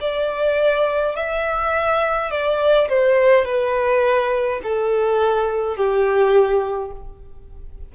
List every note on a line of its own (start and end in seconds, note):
0.00 1.15 D5
1.15 2.30 E5
2.30 2.88 D5
2.88 3.45 C5
3.45 4.60 B4
4.63 5.76 A4
5.76 6.91 G4